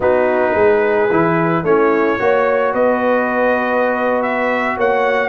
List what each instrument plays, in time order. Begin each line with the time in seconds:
0.00 tuba B3, trombone D#4, horn F#4, trumpet B4
0.53 tuba G#3, horn G#4
1.11 tuba E3, trombone E4
1.63 tuba A3, trombone C#4, horn E4, trumpet C#5
2.19 tuba A#3, trombone F#4, horn C#5
2.72 tuba B3, horn B4, trumpet D#5
4.22 trumpet E5
4.77 tuba A#3, horn C#5, trumpet F#5